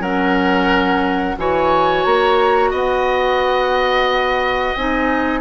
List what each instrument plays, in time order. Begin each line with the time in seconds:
0.00 bassoon F#3, clarinet C#4, oboe A#4, flute F#5
1.37 bassoon E3, clarinet F#4, oboe C#5, flute G#5
2.04 bassoon A#3, flute A#5
2.70 bassoon B3, oboe D#5, flute F#5
4.76 bassoon C4, clarinet D#4, flute G#5